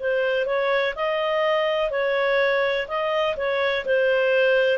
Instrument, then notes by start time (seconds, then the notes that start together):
clarinet
0.00 C5
0.46 C#5
0.95 D#5
1.91 C#5
2.88 D#5
3.37 C#5
3.85 C5